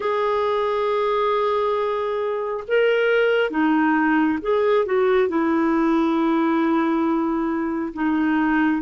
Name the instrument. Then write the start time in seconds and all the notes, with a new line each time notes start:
clarinet
0.00 G#4
2.67 A#4
3.50 D#4
4.41 G#4
4.85 F#4
5.28 E4
7.93 D#4